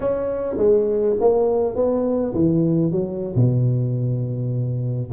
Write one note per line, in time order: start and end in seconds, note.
0.00 0.56 C#4
0.57 1.15 G#3
1.20 1.75 A#3
1.75 2.33 B3
2.34 2.91 E3
2.91 3.35 F#3
3.35 5.10 B2